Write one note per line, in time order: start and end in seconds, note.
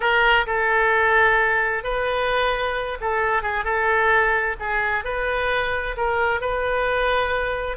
0.00 0.45 A#4
0.46 1.83 A4
1.83 2.98 B4
3.00 3.42 A4
3.42 3.64 G#4
3.64 4.56 A4
4.59 5.04 G#4
5.04 5.96 B4
5.96 6.40 A#4
6.40 7.77 B4